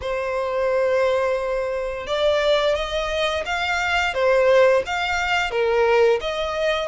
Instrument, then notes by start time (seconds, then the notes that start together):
violin
0.01 C5
2.07 D5
2.75 D#5
3.45 F5
4.13 C5
4.86 F5
5.50 A#4
6.21 D#5